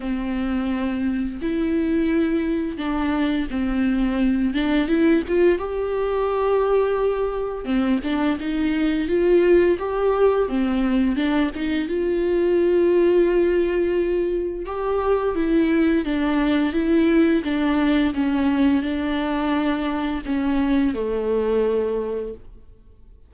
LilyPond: \new Staff \with { instrumentName = "viola" } { \time 4/4 \tempo 4 = 86 c'2 e'2 | d'4 c'4. d'8 e'8 f'8 | g'2. c'8 d'8 | dis'4 f'4 g'4 c'4 |
d'8 dis'8 f'2.~ | f'4 g'4 e'4 d'4 | e'4 d'4 cis'4 d'4~ | d'4 cis'4 a2 | }